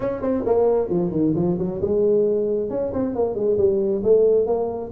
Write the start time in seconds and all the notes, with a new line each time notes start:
0.00 C#4
0.21 C4
0.45 A#3
0.89 F3
1.10 D#3
1.35 F3
1.58 F#3
1.81 G#3
2.69 C#4
2.93 C4
3.15 A#3
3.35 G#3
3.57 G3
4.03 A3
4.46 A#3